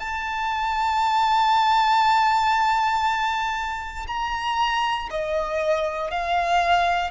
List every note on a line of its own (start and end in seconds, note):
0.00 4.07 A5
4.08 5.09 A#5
5.11 6.12 D#5
6.12 7.11 F5